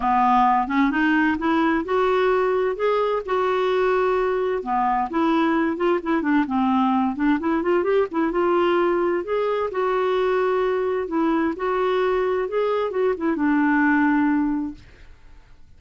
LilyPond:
\new Staff \with { instrumentName = "clarinet" } { \time 4/4 \tempo 4 = 130 b4. cis'8 dis'4 e'4 | fis'2 gis'4 fis'4~ | fis'2 b4 e'4~ | e'8 f'8 e'8 d'8 c'4. d'8 |
e'8 f'8 g'8 e'8 f'2 | gis'4 fis'2. | e'4 fis'2 gis'4 | fis'8 e'8 d'2. | }